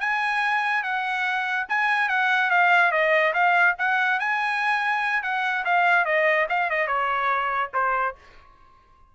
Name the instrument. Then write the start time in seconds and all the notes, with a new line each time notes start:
trumpet
0.00 G#5
0.83 F#5
1.69 G#5
2.09 F#5
2.51 F5
2.92 D#5
3.34 F5
3.78 F#5
4.20 G#5
5.23 F#5
5.65 F5
6.05 D#5
6.49 F5
6.70 D#5
6.87 C#5
7.74 C5